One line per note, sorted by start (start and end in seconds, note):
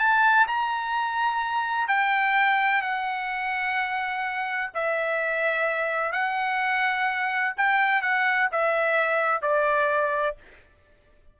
0.00 0.47 A5
0.48 1.88 A#5
1.88 2.82 G5
2.82 4.71 F#5
4.74 6.12 E5
6.12 7.54 F#5
7.57 8.02 G5
8.02 8.49 F#5
8.52 9.42 E5
9.42 10.37 D5